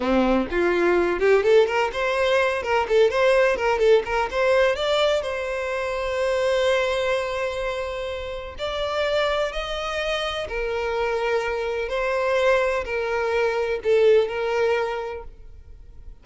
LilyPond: \new Staff \with { instrumentName = "violin" } { \time 4/4 \tempo 4 = 126 c'4 f'4. g'8 a'8 ais'8 | c''4. ais'8 a'8 c''4 ais'8 | a'8 ais'8 c''4 d''4 c''4~ | c''1~ |
c''2 d''2 | dis''2 ais'2~ | ais'4 c''2 ais'4~ | ais'4 a'4 ais'2 | }